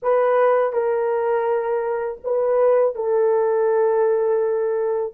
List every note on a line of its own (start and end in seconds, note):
0.02 0.72 B4
0.72 2.19 A#4
2.24 2.95 B4
2.95 5.13 A4